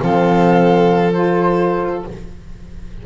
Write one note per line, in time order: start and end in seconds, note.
0.00 2.06 F3
0.00 1.13 C4
0.00 2.07 A4
0.00 1.13 F5
1.13 2.04 F4
1.13 2.04 C5